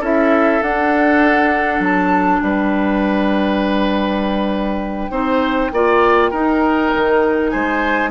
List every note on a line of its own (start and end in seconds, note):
0.00 0.60 C#4
0.00 0.61 E4
0.00 2.40 A4
0.00 0.62 E5
0.61 1.79 D4
0.61 5.11 D4
0.61 1.82 F#5
1.79 2.39 F#3
1.79 2.40 A5
2.40 5.09 G3
2.40 5.11 B4
2.40 7.49 G5
5.09 5.70 C4
5.09 5.71 D#4
5.09 5.71 C5
5.72 6.31 A#3
5.72 6.32 F4
5.72 6.30 D5
6.30 6.91 D#4
6.30 8.10 D#4
6.30 7.50 A#4
6.94 7.54 D#3
7.49 8.10 G#3
7.49 8.10 C5
7.49 8.09 G#5